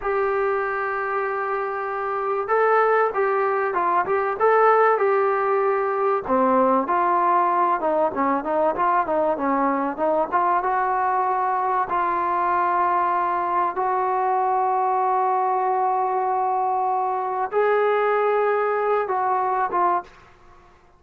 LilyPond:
\new Staff \with { instrumentName = "trombone" } { \time 4/4 \tempo 4 = 96 g'1 | a'4 g'4 f'8 g'8 a'4 | g'2 c'4 f'4~ | f'8 dis'8 cis'8 dis'8 f'8 dis'8 cis'4 |
dis'8 f'8 fis'2 f'4~ | f'2 fis'2~ | fis'1 | gis'2~ gis'8 fis'4 f'8 | }